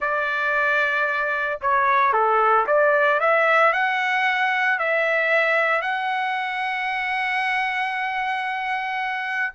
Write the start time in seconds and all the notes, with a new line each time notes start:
0.00 D5
1.61 C#5
2.12 A4
2.67 D5
3.20 E5
3.72 F#5
4.78 E5
5.81 F#5